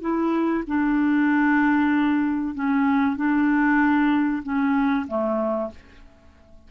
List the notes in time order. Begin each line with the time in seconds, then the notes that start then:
0.00 E4
0.67 D4
2.54 C#4
3.16 D4
4.43 C#4
5.07 A3